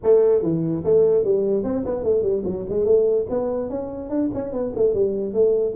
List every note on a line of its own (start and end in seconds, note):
0.03 0.42 A3
0.42 0.83 E3
0.84 1.24 A3
1.24 1.63 G3
1.63 1.84 C4
1.85 2.03 B3
2.03 2.22 A3
2.22 2.43 G3
2.45 2.65 F#3
2.69 2.85 G#3
2.85 3.26 A3
3.29 3.69 B3
3.69 4.09 C#4
4.09 4.30 D4
4.34 4.52 C#4
4.52 4.73 B3
4.75 4.93 A3
4.93 5.33 G3
5.33 5.74 A3